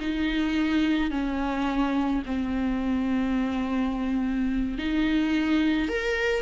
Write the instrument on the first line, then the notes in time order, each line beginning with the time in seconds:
viola
0.00 D#4
1.11 C#4
2.26 C4
4.78 D#4
5.89 A#4